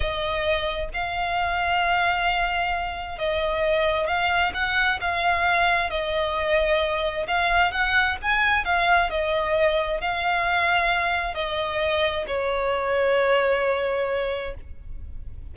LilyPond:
\new Staff \with { instrumentName = "violin" } { \time 4/4 \tempo 4 = 132 dis''2 f''2~ | f''2. dis''4~ | dis''4 f''4 fis''4 f''4~ | f''4 dis''2. |
f''4 fis''4 gis''4 f''4 | dis''2 f''2~ | f''4 dis''2 cis''4~ | cis''1 | }